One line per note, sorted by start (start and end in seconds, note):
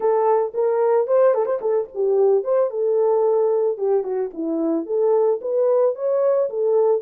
0.00 0.53 A4
0.54 1.07 A#4
1.07 1.34 C5
1.34 1.45 A4
1.45 1.59 C5
1.61 1.88 A4
1.94 2.43 G4
2.43 2.70 C5
2.70 3.77 A4
3.77 4.03 G4
4.03 4.30 F#4
4.33 4.86 E4
4.86 5.40 A4
5.41 5.95 B4
5.95 6.49 C#5
6.49 7.01 A4